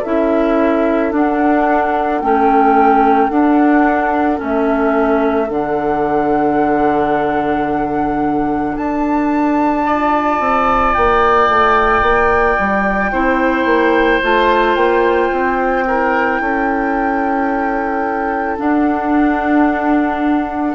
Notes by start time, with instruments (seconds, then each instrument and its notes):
0.00 bassoon C#4, clarinet E4, oboe A4, flute E5
1.11 clarinet D4, bassoon D4, flute F#5
2.21 bassoon A3, clarinet C#4, flute G5
3.30 bassoon D4, clarinet D4, flute F#5
4.37 bassoon A3, clarinet C#4, flute E5
5.50 bassoon D3, clarinet D4, flute F#5
8.77 bassoon D4, flute A5
9.86 clarinet F4, oboe D5
10.40 bassoon C4
10.94 bassoon A#3, flute G5
11.49 bassoon A3
12.02 bassoon A#3
12.59 bassoon G3
13.12 bassoon C4, clarinet E4, oboe C5
13.65 bassoon A#3
14.22 bassoon A3, clarinet F4, flute A5
14.76 bassoon A#3, flute G5
15.32 bassoon C4
15.86 clarinet E4, oboe A#4
16.40 bassoon C#4, oboe A4
18.58 clarinet D4, bassoon D4, flute F#5